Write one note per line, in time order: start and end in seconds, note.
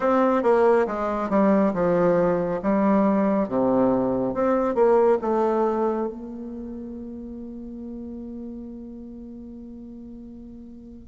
0.00 0.42 C4
0.42 0.86 A#3
0.87 1.29 G#3
1.29 1.73 G3
1.74 2.60 F3
2.62 3.48 G3
3.48 4.34 C3
4.34 4.74 C4
4.74 5.18 A#3
5.21 6.08 A3
6.08 11.08 A#3